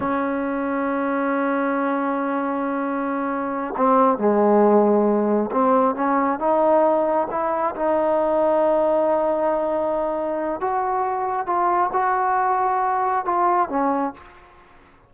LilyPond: \new Staff \with { instrumentName = "trombone" } { \time 4/4 \tempo 4 = 136 cis'1~ | cis'1~ | cis'8 c'4 gis2~ gis8~ | gis8 c'4 cis'4 dis'4.~ |
dis'8 e'4 dis'2~ dis'8~ | dis'1 | fis'2 f'4 fis'4~ | fis'2 f'4 cis'4 | }